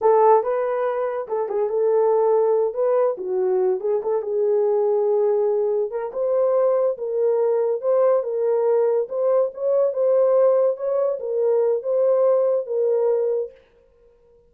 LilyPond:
\new Staff \with { instrumentName = "horn" } { \time 4/4 \tempo 4 = 142 a'4 b'2 a'8 gis'8 | a'2~ a'8 b'4 fis'8~ | fis'4 gis'8 a'8 gis'2~ | gis'2 ais'8 c''4.~ |
c''8 ais'2 c''4 ais'8~ | ais'4. c''4 cis''4 c''8~ | c''4. cis''4 ais'4. | c''2 ais'2 | }